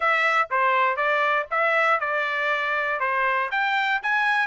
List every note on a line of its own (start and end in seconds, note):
0.00 0.48 E5
0.50 0.96 C5
0.96 1.46 D5
1.50 2.00 E5
2.00 3.00 D5
3.00 3.50 C5
3.51 4.01 G5
4.02 4.47 G#5